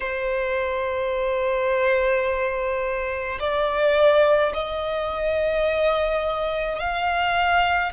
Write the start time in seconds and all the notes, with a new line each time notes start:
0.00 C5
3.39 D5
4.53 D#5
6.79 F5